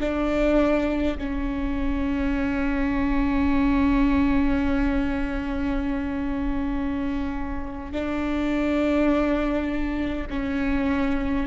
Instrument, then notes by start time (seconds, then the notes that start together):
viola
0.00 D4
1.18 C#4
7.92 D4
10.30 C#4